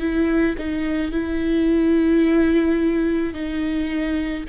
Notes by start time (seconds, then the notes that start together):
0.00 E4
0.58 D#4
1.12 E4
3.33 D#4